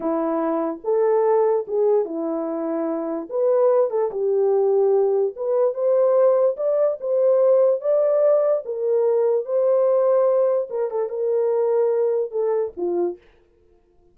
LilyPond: \new Staff \with { instrumentName = "horn" } { \time 4/4 \tempo 4 = 146 e'2 a'2 | gis'4 e'2. | b'4. a'8 g'2~ | g'4 b'4 c''2 |
d''4 c''2 d''4~ | d''4 ais'2 c''4~ | c''2 ais'8 a'8 ais'4~ | ais'2 a'4 f'4 | }